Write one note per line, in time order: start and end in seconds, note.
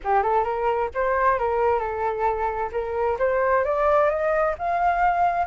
0.04 0.22 G4
0.22 0.44 A4
0.44 0.89 A#4
0.94 1.38 C5
1.38 1.79 A#4
1.79 2.70 A4
2.72 3.17 A#4
3.18 3.64 C5
3.64 4.09 D5
4.09 4.55 D#5
4.58 5.46 F5